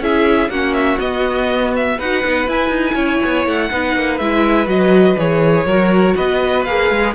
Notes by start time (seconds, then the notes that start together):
0.00 C#4 E4 G#4 E5
0.49 A#3 C#4 F#4 F#5
0.73 E5
0.99 B3 D#5
1.76 E5
1.98 D#4 F#4 B4 F#5
2.23 B3 D#4
2.47 E4 G#5
2.69 D#4
2.94 C#4 C#5
3.24 B3
3.46 A3 F#5
3.70 B3 D#4 B4
3.95 A#3
4.18 G#3 E4 E5
4.66 F#3 F#4 D#5
5.18 E3 G#4 C#5
5.65 F#3 F#4 A#4
6.16 B3 B4 D#5
6.64 A#3 G#4 F5
6.90 G#3